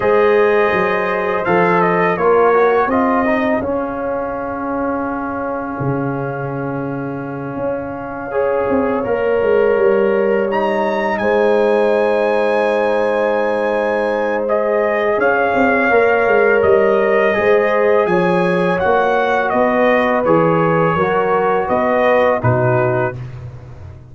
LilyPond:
<<
  \new Staff \with { instrumentName = "trumpet" } { \time 4/4 \tempo 4 = 83 dis''2 f''8 dis''8 cis''4 | dis''4 f''2.~ | f''1~ | f''2~ f''8 ais''4 gis''8~ |
gis''1 | dis''4 f''2 dis''4~ | dis''4 gis''4 fis''4 dis''4 | cis''2 dis''4 b'4 | }
  \new Staff \with { instrumentName = "horn" } { \time 4/4 c''2. ais'4 | gis'1~ | gis'2.~ gis'8 cis''8~ | cis''2.~ cis''8 c''8~ |
c''1~ | c''4 cis''2. | c''4 cis''2 b'4~ | b'4 ais'4 b'4 fis'4 | }
  \new Staff \with { instrumentName = "trombone" } { \time 4/4 gis'2 a'4 f'8 fis'8 | f'8 dis'8 cis'2.~ | cis'2.~ cis'8 gis'8~ | gis'8 ais'2 dis'4.~ |
dis'1 | gis'2 ais'2 | gis'2 fis'2 | gis'4 fis'2 dis'4 | }
  \new Staff \with { instrumentName = "tuba" } { \time 4/4 gis4 fis4 f4 ais4 | c'4 cis'2. | cis2~ cis8 cis'4. | c'8 ais8 gis8 g2 gis8~ |
gis1~ | gis4 cis'8 c'8 ais8 gis8 g4 | gis4 f4 ais4 b4 | e4 fis4 b4 b,4 | }
>>